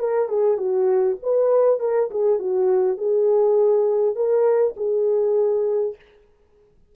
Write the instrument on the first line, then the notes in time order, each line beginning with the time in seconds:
horn
0.00 A#4
0.29 G#4
0.58 F#4
1.23 B4
1.80 A#4
2.11 G#4
2.40 F#4
2.98 G#4
4.16 A#4
4.77 G#4